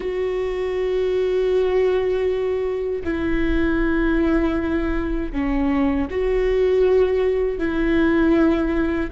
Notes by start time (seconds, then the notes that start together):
0.00 F#4
3.04 E4
5.32 C#4
6.10 F#4
7.58 E4